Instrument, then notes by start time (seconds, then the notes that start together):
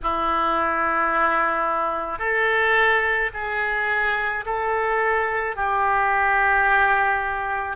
oboe
0.03 E4
2.19 A4
3.33 G#4
4.45 A4
5.56 G4